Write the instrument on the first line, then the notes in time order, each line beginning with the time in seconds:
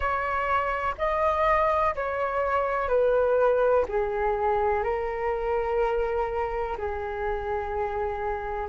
flute
0.00 C#5
0.98 D#5
1.95 C#5
2.88 B4
3.88 G#4
4.83 A#4
6.77 G#4